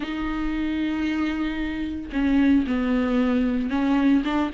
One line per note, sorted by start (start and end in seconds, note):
0.00 2.10 D#4
2.12 2.65 C#4
2.66 3.69 B3
3.69 4.22 C#4
4.24 4.50 D4